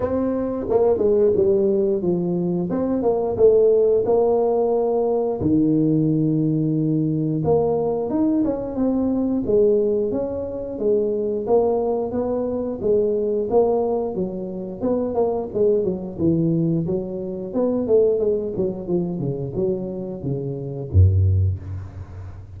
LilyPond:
\new Staff \with { instrumentName = "tuba" } { \time 4/4 \tempo 4 = 89 c'4 ais8 gis8 g4 f4 | c'8 ais8 a4 ais2 | dis2. ais4 | dis'8 cis'8 c'4 gis4 cis'4 |
gis4 ais4 b4 gis4 | ais4 fis4 b8 ais8 gis8 fis8 | e4 fis4 b8 a8 gis8 fis8 | f8 cis8 fis4 cis4 fis,4 | }